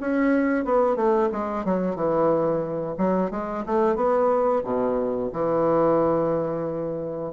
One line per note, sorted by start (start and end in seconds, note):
0.00 0.65 C#4
0.65 0.96 B3
0.96 1.29 A3
1.32 1.65 G#3
1.65 1.95 F#3
1.95 2.95 E3
2.98 3.31 F#3
3.31 3.64 G#3
3.66 3.96 A3
3.96 4.62 B3
4.64 5.30 B2
5.33 7.33 E3